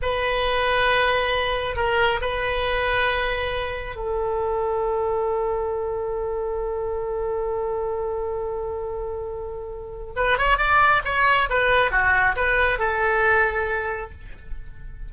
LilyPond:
\new Staff \with { instrumentName = "oboe" } { \time 4/4 \tempo 4 = 136 b'1 | ais'4 b'2.~ | b'4 a'2.~ | a'1~ |
a'1~ | a'2. b'8 cis''8 | d''4 cis''4 b'4 fis'4 | b'4 a'2. | }